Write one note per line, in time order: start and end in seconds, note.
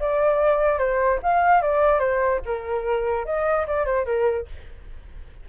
0.00 0.79 D5
0.79 1.19 C5
1.23 1.62 F5
1.62 2.00 D5
2.00 2.41 C5
2.45 3.26 A#4
3.26 3.66 D#5
3.67 3.86 D5
3.86 4.06 C5
4.06 4.46 A#4